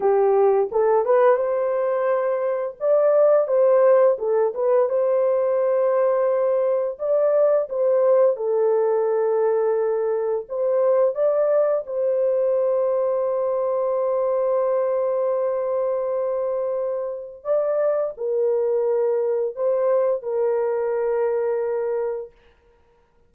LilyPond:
\new Staff \with { instrumentName = "horn" } { \time 4/4 \tempo 4 = 86 g'4 a'8 b'8 c''2 | d''4 c''4 a'8 b'8 c''4~ | c''2 d''4 c''4 | a'2. c''4 |
d''4 c''2.~ | c''1~ | c''4 d''4 ais'2 | c''4 ais'2. | }